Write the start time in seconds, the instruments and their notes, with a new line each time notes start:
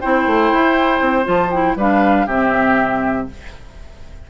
0.00 bassoon C4, clarinet E4, oboe C5, flute G5
0.27 bassoon A3
0.52 bassoon E4
1.00 bassoon C4
1.24 bassoon F3, clarinet F4, flute A5
1.51 clarinet E4, flute G5
1.76 bassoon G3, clarinet D4, oboe B4, flute F5
2.26 bassoon C3, clarinet C4, oboe G4, flute E5